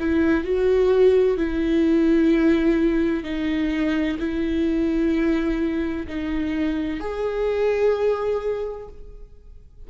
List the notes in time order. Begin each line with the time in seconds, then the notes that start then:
0.00 E4
0.44 F#4
1.37 E4
3.24 D#4
4.19 E4
6.07 D#4
7.00 G#4